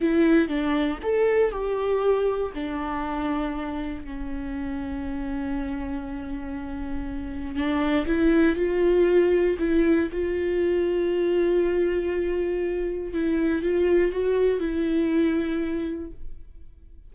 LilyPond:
\new Staff \with { instrumentName = "viola" } { \time 4/4 \tempo 4 = 119 e'4 d'4 a'4 g'4~ | g'4 d'2. | cis'1~ | cis'2. d'4 |
e'4 f'2 e'4 | f'1~ | f'2 e'4 f'4 | fis'4 e'2. | }